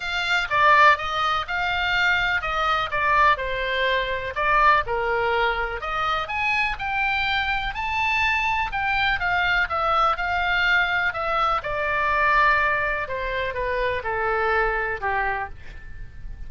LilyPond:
\new Staff \with { instrumentName = "oboe" } { \time 4/4 \tempo 4 = 124 f''4 d''4 dis''4 f''4~ | f''4 dis''4 d''4 c''4~ | c''4 d''4 ais'2 | dis''4 gis''4 g''2 |
a''2 g''4 f''4 | e''4 f''2 e''4 | d''2. c''4 | b'4 a'2 g'4 | }